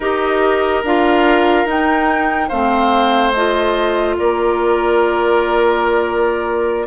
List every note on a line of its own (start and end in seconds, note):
0.00 0.82 D#4
0.00 0.84 G4
0.00 2.48 A#4
0.00 0.84 D#5
0.83 1.65 D4
0.83 1.67 F4
0.83 1.68 F5
1.65 2.48 D#4
1.65 2.50 D#4
1.65 2.48 G5
2.48 4.18 A3
2.48 3.34 C4
2.48 4.15 C5
2.48 3.32 F5
3.32 6.86 F4
3.32 4.16 D#5
4.18 6.86 A#3
4.18 6.86 A#4
4.18 6.86 D5